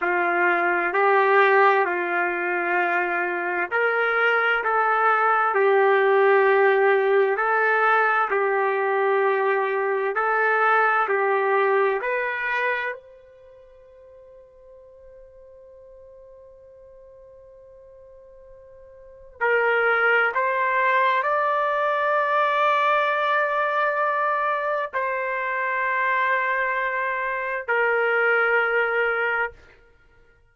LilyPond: \new Staff \with { instrumentName = "trumpet" } { \time 4/4 \tempo 4 = 65 f'4 g'4 f'2 | ais'4 a'4 g'2 | a'4 g'2 a'4 | g'4 b'4 c''2~ |
c''1~ | c''4 ais'4 c''4 d''4~ | d''2. c''4~ | c''2 ais'2 | }